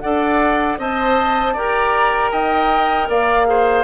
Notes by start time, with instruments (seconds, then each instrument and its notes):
0.00 bassoon D4, clarinet A4, oboe D5, flute F#5
0.79 bassoon C4, clarinet C5, oboe D#5, flute A5
1.54 bassoon G4, clarinet A#4, oboe D5, flute A#5
2.32 bassoon D#4, oboe D#5, flute G5
3.09 bassoon A#3, oboe D5, flute F5
3.46 clarinet G#4, oboe C5